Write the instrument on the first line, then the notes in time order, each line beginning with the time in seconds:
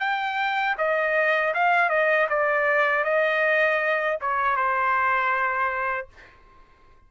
trumpet
0.00 G5
0.78 D#5
1.54 F5
1.89 D#5
2.29 D5
3.04 D#5
4.21 C#5
4.56 C5